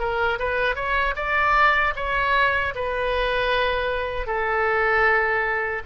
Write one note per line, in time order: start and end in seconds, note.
0.00 0.39 A#4
0.39 0.76 B4
0.76 1.15 C#5
1.16 1.94 D5
1.96 2.74 C#5
2.75 4.27 B4
4.27 5.83 A4